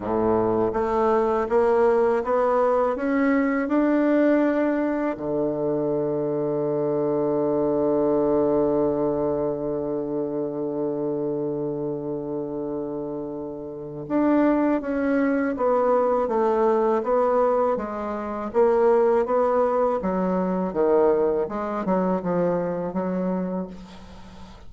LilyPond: \new Staff \with { instrumentName = "bassoon" } { \time 4/4 \tempo 4 = 81 a,4 a4 ais4 b4 | cis'4 d'2 d4~ | d1~ | d1~ |
d2. d'4 | cis'4 b4 a4 b4 | gis4 ais4 b4 fis4 | dis4 gis8 fis8 f4 fis4 | }